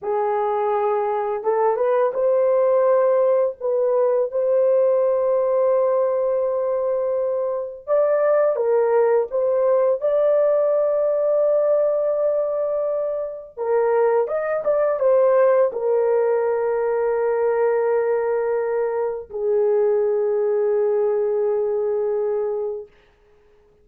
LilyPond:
\new Staff \with { instrumentName = "horn" } { \time 4/4 \tempo 4 = 84 gis'2 a'8 b'8 c''4~ | c''4 b'4 c''2~ | c''2. d''4 | ais'4 c''4 d''2~ |
d''2. ais'4 | dis''8 d''8 c''4 ais'2~ | ais'2. gis'4~ | gis'1 | }